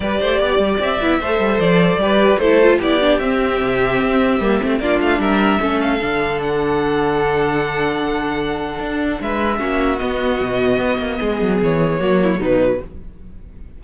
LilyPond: <<
  \new Staff \with { instrumentName = "violin" } { \time 4/4 \tempo 4 = 150 d''2 e''2 | d''2 c''4 d''4 | e''1 | d''8 f''8 e''4. f''4. |
fis''1~ | fis''2. e''4~ | e''4 dis''2.~ | dis''4 cis''2 b'4 | }
  \new Staff \with { instrumentName = "violin" } { \time 4/4 b'8 c''8 d''2 c''4~ | c''4 b'4 a'4 g'4~ | g'1 | f'4 ais'4 a'2~ |
a'1~ | a'2. b'4 | fis'1 | gis'2 fis'8 e'8 dis'4 | }
  \new Staff \with { instrumentName = "viola" } { \time 4/4 g'2~ g'8 e'8 a'4~ | a'4 g'4 e'8 f'8 e'8 d'8 | c'2. ais8 c'8 | d'2 cis'4 d'4~ |
d'1~ | d'1 | cis'4 b2.~ | b2 ais4 fis4 | }
  \new Staff \with { instrumentName = "cello" } { \time 4/4 g8 a8 b8 g8 c'8 b8 a8 g8 | f4 g4 a4 b4 | c'4 c4 c'4 g8 a8 | ais8 a8 g4 a4 d4~ |
d1~ | d2 d'4 gis4 | ais4 b4 b,4 b8 ais8 | gis8 fis8 e4 fis4 b,4 | }
>>